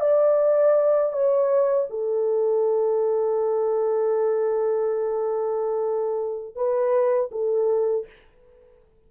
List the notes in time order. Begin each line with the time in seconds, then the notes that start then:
0.00 D5
1.12 C#5
1.90 A4
6.55 B4
7.31 A4